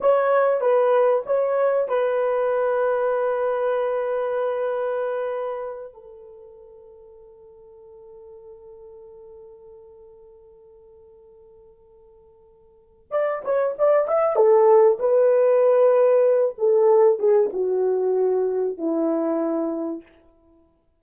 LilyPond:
\new Staff \with { instrumentName = "horn" } { \time 4/4 \tempo 4 = 96 cis''4 b'4 cis''4 b'4~ | b'1~ | b'4. a'2~ a'8~ | a'1~ |
a'1~ | a'4 d''8 cis''8 d''8 e''8 a'4 | b'2~ b'8 a'4 gis'8 | fis'2 e'2 | }